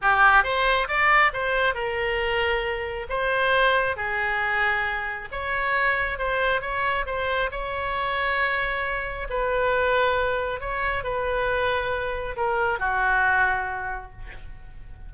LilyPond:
\new Staff \with { instrumentName = "oboe" } { \time 4/4 \tempo 4 = 136 g'4 c''4 d''4 c''4 | ais'2. c''4~ | c''4 gis'2. | cis''2 c''4 cis''4 |
c''4 cis''2.~ | cis''4 b'2. | cis''4 b'2. | ais'4 fis'2. | }